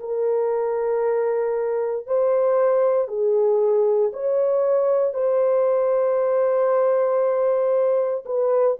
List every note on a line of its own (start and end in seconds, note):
0.00 2.07 A#4
2.07 3.08 C5
3.08 4.12 G#4
4.13 5.14 C#5
5.14 8.24 C5
8.26 8.77 B4